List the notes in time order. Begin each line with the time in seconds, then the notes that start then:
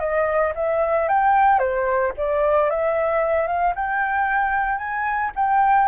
0.00 D#5
0.55 E5
1.09 G5
1.59 C5
2.17 D5
2.70 E5
3.47 F5
3.75 G5
4.78 G#5
5.36 G5